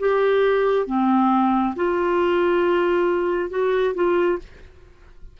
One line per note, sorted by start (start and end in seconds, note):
0.00 0.87 G4
0.87 1.75 C4
1.76 3.50 F4
3.50 3.94 F#4
3.95 4.39 F4